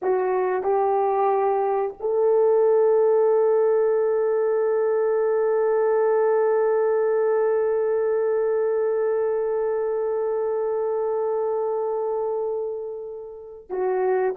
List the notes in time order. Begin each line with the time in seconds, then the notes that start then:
0.02 F#4
0.63 G4
2.00 A4
13.69 F#4